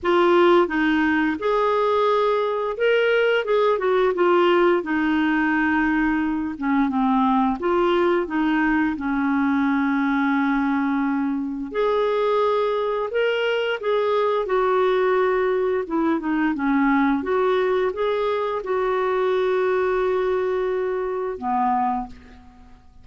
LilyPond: \new Staff \with { instrumentName = "clarinet" } { \time 4/4 \tempo 4 = 87 f'4 dis'4 gis'2 | ais'4 gis'8 fis'8 f'4 dis'4~ | dis'4. cis'8 c'4 f'4 | dis'4 cis'2.~ |
cis'4 gis'2 ais'4 | gis'4 fis'2 e'8 dis'8 | cis'4 fis'4 gis'4 fis'4~ | fis'2. b4 | }